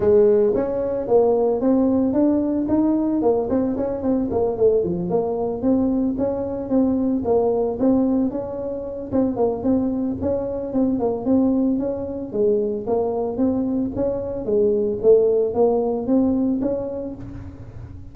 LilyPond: \new Staff \with { instrumentName = "tuba" } { \time 4/4 \tempo 4 = 112 gis4 cis'4 ais4 c'4 | d'4 dis'4 ais8 c'8 cis'8 c'8 | ais8 a8 f8 ais4 c'4 cis'8~ | cis'8 c'4 ais4 c'4 cis'8~ |
cis'4 c'8 ais8 c'4 cis'4 | c'8 ais8 c'4 cis'4 gis4 | ais4 c'4 cis'4 gis4 | a4 ais4 c'4 cis'4 | }